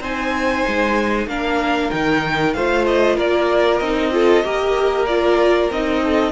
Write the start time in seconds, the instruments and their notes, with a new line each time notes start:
0.00 cello C4, viola D#4, violin C5 G#5
0.67 cello G#3
1.26 cello A#3, viola D4, violin A#4 F5
1.91 cello D#3, viola D#4, violin G5
2.53 cello A3, viola F4, violin C5 F5
2.86 violin D#5
3.16 cello A#3, violin A#4 D5
3.79 cello C4, viola D#4, violin D#5
4.12 viola F4, violin A4
4.43 cello A#3, viola G4, violin A#4
5.06 viola F4, violin D5
5.70 cello C4, viola D#4, violin D#5
6.02 violin A4